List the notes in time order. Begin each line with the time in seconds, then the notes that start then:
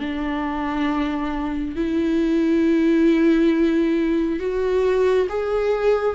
0.00 D4
1.76 E4
4.39 F#4
5.29 G#4